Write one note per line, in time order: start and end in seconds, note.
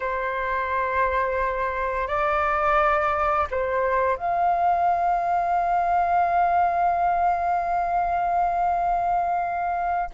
0.00 2.07 C5
2.07 3.47 D5
3.50 4.17 C5
4.17 10.10 F5